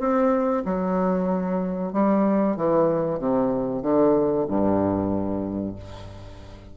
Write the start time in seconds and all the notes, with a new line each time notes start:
0.00 C4
0.66 F#3
1.93 G3
2.57 E3
3.19 C3
3.83 D3
4.49 G2